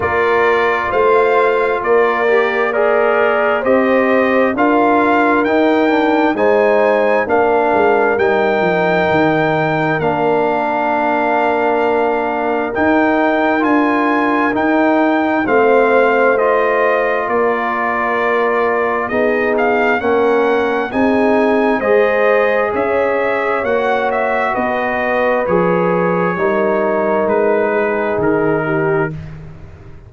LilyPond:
<<
  \new Staff \with { instrumentName = "trumpet" } { \time 4/4 \tempo 4 = 66 d''4 f''4 d''4 ais'4 | dis''4 f''4 g''4 gis''4 | f''4 g''2 f''4~ | f''2 g''4 gis''4 |
g''4 f''4 dis''4 d''4~ | d''4 dis''8 f''8 fis''4 gis''4 | dis''4 e''4 fis''8 e''8 dis''4 | cis''2 b'4 ais'4 | }
  \new Staff \with { instrumentName = "horn" } { \time 4/4 ais'4 c''4 ais'4 d''4 | c''4 ais'2 c''4 | ais'1~ | ais'1~ |
ais'4 c''2 ais'4~ | ais'4 gis'4 ais'4 gis'4 | c''4 cis''2 b'4~ | b'4 ais'4. gis'4 g'8 | }
  \new Staff \with { instrumentName = "trombone" } { \time 4/4 f'2~ f'8 g'8 gis'4 | g'4 f'4 dis'8 d'8 dis'4 | d'4 dis'2 d'4~ | d'2 dis'4 f'4 |
dis'4 c'4 f'2~ | f'4 dis'4 cis'4 dis'4 | gis'2 fis'2 | gis'4 dis'2. | }
  \new Staff \with { instrumentName = "tuba" } { \time 4/4 ais4 a4 ais2 | c'4 d'4 dis'4 gis4 | ais8 gis8 g8 f8 dis4 ais4~ | ais2 dis'4 d'4 |
dis'4 a2 ais4~ | ais4 b4 ais4 c'4 | gis4 cis'4 ais4 b4 | f4 g4 gis4 dis4 | }
>>